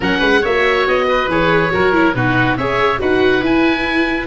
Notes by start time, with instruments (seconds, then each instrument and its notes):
0.00 tuba F#3, viola C#4, oboe A#4 F#5
0.18 tuba G#3, oboe B4
0.41 tuba A#3, viola F#4, oboe C#5 E5
0.87 tuba B3, oboe D#5
1.08 oboe B4
1.27 tuba E3, viola G#4, oboe C#5
1.71 tuba F#3, viola F#4, oboe A#4
1.92 viola E4
2.14 tuba B2, viola D#4, oboe F#4 B4
2.56 tuba C#4, viola G#4, oboe C#5 E5
2.98 tuba D#4, viola F#4, oboe B4 F#5
3.42 tuba E4, viola E4, oboe G#5